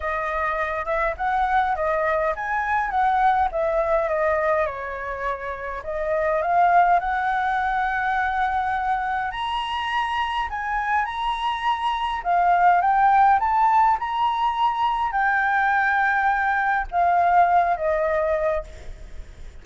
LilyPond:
\new Staff \with { instrumentName = "flute" } { \time 4/4 \tempo 4 = 103 dis''4. e''8 fis''4 dis''4 | gis''4 fis''4 e''4 dis''4 | cis''2 dis''4 f''4 | fis''1 |
ais''2 gis''4 ais''4~ | ais''4 f''4 g''4 a''4 | ais''2 g''2~ | g''4 f''4. dis''4. | }